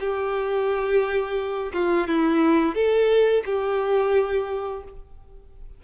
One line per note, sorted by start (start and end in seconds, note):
0.00 1.72 G4
1.73 2.08 F4
2.08 2.75 E4
2.75 3.44 A4
3.45 4.83 G4